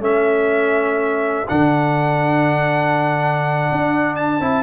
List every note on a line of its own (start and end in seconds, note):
0.00 1.46 A3
0.00 1.47 C#4
0.00 4.63 A4
0.00 1.49 E5
1.49 3.71 D3
1.49 4.40 D4
1.49 4.16 F#5
3.72 4.40 D4
4.16 4.63 A5
4.40 4.63 C4
4.40 4.63 E4